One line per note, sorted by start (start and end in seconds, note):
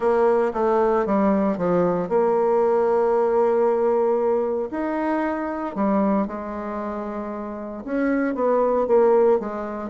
0.00 0.52 A#3
0.53 1.06 A3
1.06 1.57 G3
1.57 2.08 F3
2.08 4.69 A#3
4.71 5.75 D#4
5.75 6.27 G3
6.27 7.83 G#3
7.84 8.35 C#4
8.35 8.87 B3
8.87 9.39 A#3
9.39 9.90 G#3